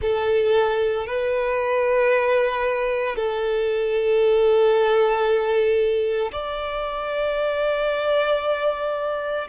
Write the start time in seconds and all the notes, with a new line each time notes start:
0.01 A4
1.06 B4
3.16 A4
6.32 D5